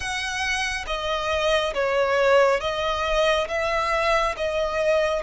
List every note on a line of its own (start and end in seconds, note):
0.00 0.85 F#5
0.86 1.73 D#5
1.74 2.60 C#5
2.60 3.47 D#5
3.48 4.35 E5
4.36 5.22 D#5